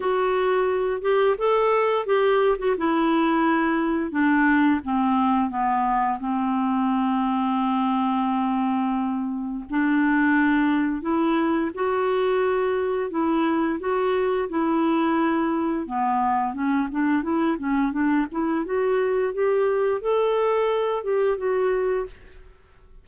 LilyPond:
\new Staff \with { instrumentName = "clarinet" } { \time 4/4 \tempo 4 = 87 fis'4. g'8 a'4 g'8. fis'16 | e'2 d'4 c'4 | b4 c'2.~ | c'2 d'2 |
e'4 fis'2 e'4 | fis'4 e'2 b4 | cis'8 d'8 e'8 cis'8 d'8 e'8 fis'4 | g'4 a'4. g'8 fis'4 | }